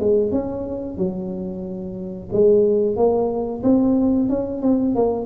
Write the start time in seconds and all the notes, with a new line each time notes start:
0.00 G#3
0.32 C#4
0.97 F#3
2.33 G#3
2.97 A#3
3.64 C4
4.29 C#4
4.62 C4
4.95 A#3